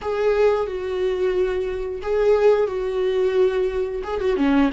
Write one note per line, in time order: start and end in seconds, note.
0.01 0.66 G#4
0.66 2.01 F#4
2.02 2.67 G#4
2.67 4.02 F#4
4.03 4.20 G#4
4.20 4.36 F#4
4.36 4.70 C#4